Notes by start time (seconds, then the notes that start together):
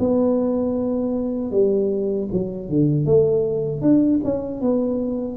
0.00 B3
1.52 G3
2.33 F#3
2.70 D3
3.06 A3
3.82 D4
4.24 C#4
4.62 B3